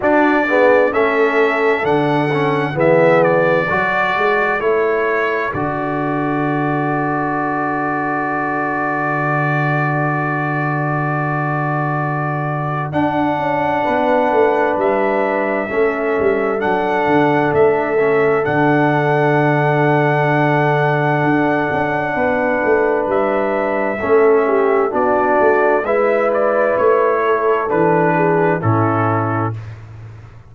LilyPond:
<<
  \new Staff \with { instrumentName = "trumpet" } { \time 4/4 \tempo 4 = 65 d''4 e''4 fis''4 e''8 d''8~ | d''4 cis''4 d''2~ | d''1~ | d''2 fis''2 |
e''2 fis''4 e''4 | fis''1~ | fis''4 e''2 d''4 | e''8 d''8 cis''4 b'4 a'4 | }
  \new Staff \with { instrumentName = "horn" } { \time 4/4 fis'8 gis'8 a'2 gis'4 | a'1~ | a'1~ | a'2. b'4~ |
b'4 a'2.~ | a'1 | b'2 a'8 g'8 fis'4 | b'4. a'4 gis'8 e'4 | }
  \new Staff \with { instrumentName = "trombone" } { \time 4/4 d'8 b8 cis'4 d'8 cis'8 b4 | fis'4 e'4 fis'2~ | fis'1~ | fis'2 d'2~ |
d'4 cis'4 d'4. cis'8 | d'1~ | d'2 cis'4 d'4 | e'2 d'4 cis'4 | }
  \new Staff \with { instrumentName = "tuba" } { \time 4/4 d'4 a4 d4 e4 | fis8 gis8 a4 d2~ | d1~ | d2 d'8 cis'8 b8 a8 |
g4 a8 g8 fis8 d8 a4 | d2. d'8 cis'8 | b8 a8 g4 a4 b8 a8 | gis4 a4 e4 a,4 | }
>>